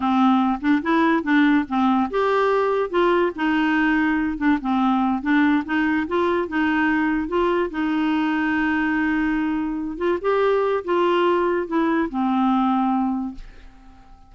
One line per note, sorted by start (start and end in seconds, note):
0.00 0.59 C4
0.61 0.81 D4
0.82 1.23 E4
1.23 1.65 D4
1.68 2.10 C4
2.10 2.90 G4
2.90 3.31 F4
3.35 4.37 D#4
4.37 4.58 D4
4.61 5.22 C4
5.22 5.63 D4
5.65 6.07 D#4
6.07 6.48 F4
6.48 7.28 D#4
7.28 7.70 F4
7.70 9.97 D#4
9.97 10.18 F4
10.21 10.83 G4
10.84 11.67 F4
11.67 12.08 E4
12.09 13.34 C4